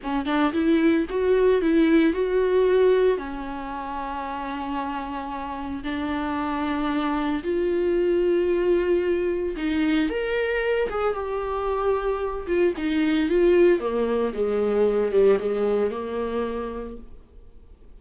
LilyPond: \new Staff \with { instrumentName = "viola" } { \time 4/4 \tempo 4 = 113 cis'8 d'8 e'4 fis'4 e'4 | fis'2 cis'2~ | cis'2. d'4~ | d'2 f'2~ |
f'2 dis'4 ais'4~ | ais'8 gis'8 g'2~ g'8 f'8 | dis'4 f'4 ais4 gis4~ | gis8 g8 gis4 ais2 | }